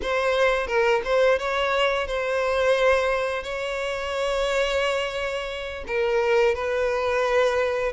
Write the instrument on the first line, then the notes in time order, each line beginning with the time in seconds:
violin
0.02 C5
0.67 A#4
1.04 C5
1.39 C#5
2.07 C5
3.43 C#5
5.87 A#4
6.54 B4